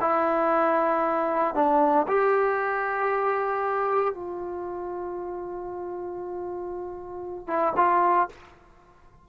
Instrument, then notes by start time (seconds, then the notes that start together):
trombone
0.00 E4
1.55 D4
2.07 G4
4.14 F4
7.47 E4
7.76 F4